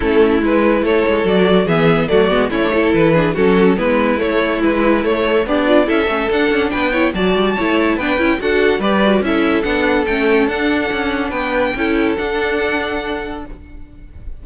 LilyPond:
<<
  \new Staff \with { instrumentName = "violin" } { \time 4/4 \tempo 4 = 143 a'4 b'4 cis''4 d''4 | e''4 d''4 cis''4 b'4 | a'4 b'4 cis''4 b'4 | cis''4 d''4 e''4 fis''4 |
g''4 a''2 g''4 | fis''4 d''4 e''4 fis''4 | g''4 fis''2 g''4~ | g''4 fis''2. | }
  \new Staff \with { instrumentName = "violin" } { \time 4/4 e'2 a'2 | gis'4 fis'4 e'8 a'4 gis'8 | fis'4 e'2.~ | e'4 d'4 a'2 |
b'8 cis''8 d''4 cis''4 b'4 | a'4 b'4 a'2~ | a'2. b'4 | a'1 | }
  \new Staff \with { instrumentName = "viola" } { \time 4/4 cis'4 e'2 fis'4 | b4 a8 b8 cis'16 d'16 e'4 d'8 | cis'4 b4 a4 e4 | a8 a'8 g'8 f'8 e'8 cis'8 d'4~ |
d'8 e'8 fis'4 e'4 d'8 e'8 | fis'4 g'8 fis'8 e'4 d'4 | cis'4 d'2. | e'4 d'2. | }
  \new Staff \with { instrumentName = "cello" } { \time 4/4 a4 gis4 a8 gis8 fis4 | e4 fis8 gis8 a4 e4 | fis4 gis4 a4 gis4 | a4 b4 cis'8 a8 d'8 cis'8 |
b4 fis8 g8 a4 b8 cis'8 | d'4 g4 cis'4 b4 | a4 d'4 cis'4 b4 | cis'4 d'2. | }
>>